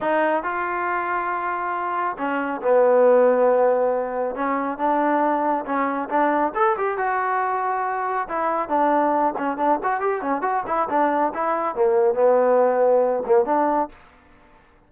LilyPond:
\new Staff \with { instrumentName = "trombone" } { \time 4/4 \tempo 4 = 138 dis'4 f'2.~ | f'4 cis'4 b2~ | b2 cis'4 d'4~ | d'4 cis'4 d'4 a'8 g'8 |
fis'2. e'4 | d'4. cis'8 d'8 fis'8 g'8 cis'8 | fis'8 e'8 d'4 e'4 ais4 | b2~ b8 ais8 d'4 | }